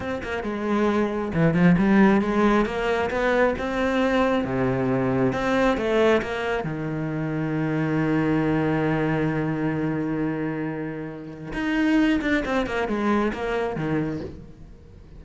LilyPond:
\new Staff \with { instrumentName = "cello" } { \time 4/4 \tempo 4 = 135 c'8 ais8 gis2 e8 f8 | g4 gis4 ais4 b4 | c'2 c2 | c'4 a4 ais4 dis4~ |
dis1~ | dis1~ | dis2 dis'4. d'8 | c'8 ais8 gis4 ais4 dis4 | }